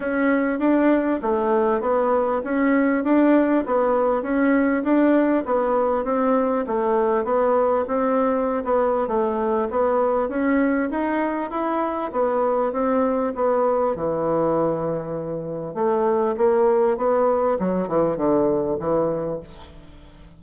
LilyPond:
\new Staff \with { instrumentName = "bassoon" } { \time 4/4 \tempo 4 = 99 cis'4 d'4 a4 b4 | cis'4 d'4 b4 cis'4 | d'4 b4 c'4 a4 | b4 c'4~ c'16 b8. a4 |
b4 cis'4 dis'4 e'4 | b4 c'4 b4 e4~ | e2 a4 ais4 | b4 fis8 e8 d4 e4 | }